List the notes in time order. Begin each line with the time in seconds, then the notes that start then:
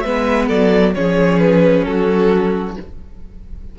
0.00 G#3 B3 B4 E5
0.48 F#3 A4 D5
0.94 F3 C#4 G#4 C#5
1.39 B4
1.85 F#3 F#4 A4